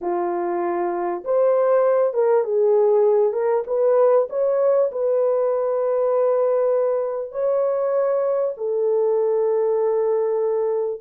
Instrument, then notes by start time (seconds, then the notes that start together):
horn
0.01 F4
1.24 C5
2.13 A#4
2.44 G#4
3.33 A#4
3.66 B4
4.29 C#5
4.91 B4
7.31 C#5
8.57 A4